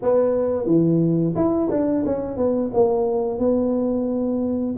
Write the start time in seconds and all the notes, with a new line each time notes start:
0.02 B3
0.66 E3
1.35 E4
1.70 D4
2.05 C#4
2.36 B3
2.73 A#3
3.38 B3